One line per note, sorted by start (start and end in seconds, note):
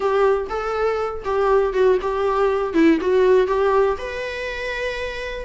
0.00 0.47 G4
0.49 1.23 A4
1.24 1.73 G4
1.73 1.98 F#4
2.01 2.73 G4
2.73 2.98 E4
3.00 3.47 F#4
3.47 3.96 G4
3.98 5.45 B4